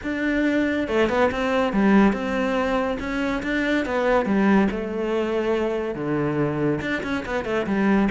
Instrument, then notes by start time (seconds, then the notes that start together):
cello
0.03 D4
0.88 A3
1.09 B3
1.31 C4
1.72 G3
2.12 C4
2.99 C#4
3.43 D4
3.85 B3
4.25 G3
4.70 A3
5.95 D3
6.81 D4
7.03 C#4
7.25 B3
7.44 A3
7.66 G3